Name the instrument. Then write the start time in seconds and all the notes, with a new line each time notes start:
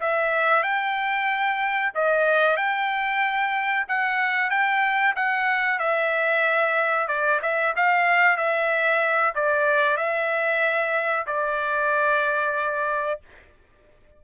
trumpet
0.00 E5
0.63 G5
1.95 D#5
2.57 G5
3.88 F#5
4.50 G5
5.16 F#5
5.79 E5
7.08 D5
7.42 E5
7.76 F5
8.37 E5
9.35 D5
9.97 E5
11.27 D5